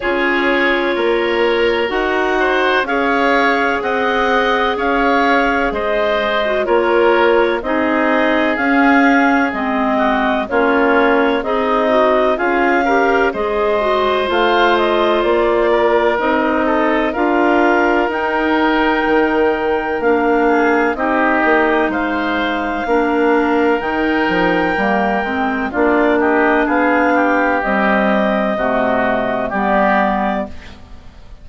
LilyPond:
<<
  \new Staff \with { instrumentName = "clarinet" } { \time 4/4 \tempo 4 = 63 cis''2 fis''4 f''4 | fis''4 f''4 dis''4 cis''4 | dis''4 f''4 dis''4 cis''4 | dis''4 f''4 dis''4 f''8 dis''8 |
d''4 dis''4 f''4 g''4~ | g''4 f''4 dis''4 f''4~ | f''4 g''2 d''8 dis''8 | f''4 dis''2 d''4 | }
  \new Staff \with { instrumentName = "oboe" } { \time 4/4 gis'4 ais'4. c''8 cis''4 | dis''4 cis''4 c''4 ais'4 | gis'2~ gis'8 fis'8 f'4 | dis'4 gis'8 ais'8 c''2~ |
c''8 ais'4 a'8 ais'2~ | ais'4. gis'8 g'4 c''4 | ais'2. f'8 g'8 | gis'8 g'4. fis'4 g'4 | }
  \new Staff \with { instrumentName = "clarinet" } { \time 4/4 f'2 fis'4 gis'4~ | gis'2~ gis'8. fis'16 f'4 | dis'4 cis'4 c'4 cis'4 | gis'8 fis'8 f'8 g'8 gis'8 fis'8 f'4~ |
f'4 dis'4 f'4 dis'4~ | dis'4 d'4 dis'2 | d'4 dis'4 ais8 c'8 d'4~ | d'4 g4 a4 b4 | }
  \new Staff \with { instrumentName = "bassoon" } { \time 4/4 cis'4 ais4 dis'4 cis'4 | c'4 cis'4 gis4 ais4 | c'4 cis'4 gis4 ais4 | c'4 cis'4 gis4 a4 |
ais4 c'4 d'4 dis'4 | dis4 ais4 c'8 ais8 gis4 | ais4 dis8 f8 g8 gis8 ais4 | b4 c'4 c4 g4 | }
>>